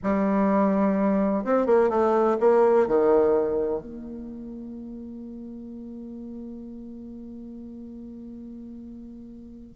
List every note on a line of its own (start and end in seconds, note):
0.03 1.44 G3
1.44 1.66 C4
1.66 1.89 A#3
1.89 2.37 A3
2.39 2.87 A#3
2.87 3.81 D#3
3.81 9.76 A#3